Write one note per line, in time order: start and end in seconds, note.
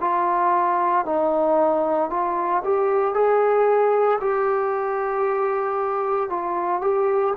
0.00 1.05 F4
1.05 2.10 D#4
2.10 2.63 F4
2.64 3.14 G4
3.14 4.19 G#4
4.21 6.30 G4
6.30 6.81 F4
6.81 7.34 G4